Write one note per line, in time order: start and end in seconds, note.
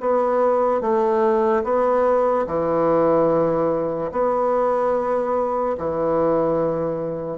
0.00 0.81 B3
0.81 1.63 A3
1.64 2.46 B3
2.46 4.11 E3
4.12 5.76 B3
5.78 7.38 E3